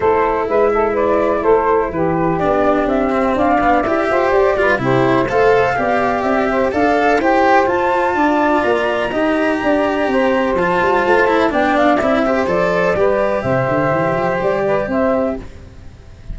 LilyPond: <<
  \new Staff \with { instrumentName = "flute" } { \time 4/4 \tempo 4 = 125 c''4 e''4 d''4 c''4 | b'4 d''4 e''4 f''4 | e''4 d''4 c''4 f''4~ | f''4 e''4 f''4 g''4 |
a''2 ais''2~ | ais''2 a''2 | g''8 f''8 e''4 d''2 | e''2 d''4 e''4 | }
  \new Staff \with { instrumentName = "saxophone" } { \time 4/4 a'4 b'8 a'8 b'4 a'4 | g'2. d''4~ | d''8 c''4 b'8 g'4 c''4 | d''4. c''8 d''4 c''4~ |
c''4 d''2 dis''4 | d''4 c''2. | d''4. c''4. b'4 | c''2~ c''8 b'8 c''4 | }
  \new Staff \with { instrumentName = "cello" } { \time 4/4 e'1~ | e'4 d'4. c'4 b8 | g'4. f'8 e'4 a'4 | g'2 a'4 g'4 |
f'2. g'4~ | g'2 f'4. e'8 | d'4 e'8 g'8 a'4 g'4~ | g'1 | }
  \new Staff \with { instrumentName = "tuba" } { \time 4/4 a4 gis2 a4 | e4 b4 c'4 d'4 | e'8 f'8 g'8 g8 c4 a4 | b4 c'4 d'4 e'4 |
f'4 d'4 ais4 dis'4 | d'4 c'4 f8 g8 a4 | b4 c'4 f4 g4 | c8 d8 e8 f8 g4 c'4 | }
>>